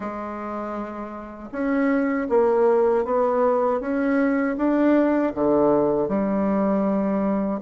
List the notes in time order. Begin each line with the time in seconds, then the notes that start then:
0.00 G#3
1.52 C#4
2.29 A#3
3.04 B3
3.80 C#4
4.57 D4
5.34 D3
6.08 G3